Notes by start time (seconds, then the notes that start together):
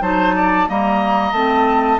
0.00 F#3 D#4 C5 A5
0.36 D5
0.67 G3 A#3 D#5 A#5
1.32 A3 C4 A5